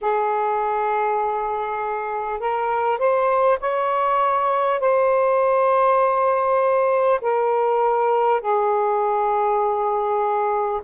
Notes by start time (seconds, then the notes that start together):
0.01 G#4
2.39 A#4
2.98 C5
3.60 C#5
4.80 C5
7.21 A#4
8.40 G#4